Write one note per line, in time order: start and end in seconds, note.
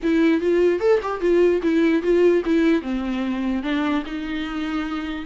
0.02 0.40 E4
0.40 0.79 F4
0.79 1.00 A4
1.02 1.21 G4
1.21 1.61 F4
1.62 2.02 E4
2.02 2.42 F4
2.45 2.82 E4
2.82 3.62 C4
3.62 4.03 D4
4.05 5.26 D#4